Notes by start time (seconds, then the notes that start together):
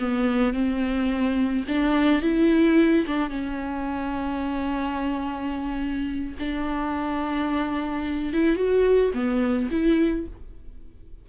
0.00 B3
0.54 C4
1.68 D4
2.22 E4
3.07 D4
3.30 C#4
6.40 D4
8.33 E4
8.57 F#4
9.14 B3
9.71 E4